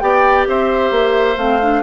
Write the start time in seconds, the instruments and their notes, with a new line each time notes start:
0.00 bassoon B3, clarinet G4, oboe D5, flute G5
0.48 bassoon C4, oboe C5, flute E5
0.91 bassoon A#3
1.37 bassoon A3, clarinet C4, flute F5
1.62 clarinet D4